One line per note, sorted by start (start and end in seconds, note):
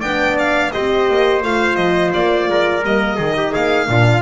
0.00 0.73 B3
0.00 0.73 D4
0.00 0.71 D5
0.00 0.37 G5
0.39 0.72 F5
0.72 1.10 C4
0.72 1.43 G4
0.72 2.50 C5
0.72 1.42 D#5
1.10 1.43 A#3
1.43 1.77 A3
1.43 2.84 F4
1.43 1.76 F5
1.76 2.12 F3
1.76 2.11 D#5
2.13 2.49 A#3
2.13 2.84 D5
2.49 2.83 G#3
2.49 3.16 A#4
2.83 3.18 G3
2.83 3.19 A#3
2.83 3.55 D#5
3.16 3.54 D#3
3.16 3.87 D#4
3.16 3.34 G#4
3.37 3.52 G4
3.52 3.89 A#3
3.52 3.87 G#4
3.52 4.22 F5
3.87 4.22 A#2
3.87 4.22 D4
3.87 4.22 F4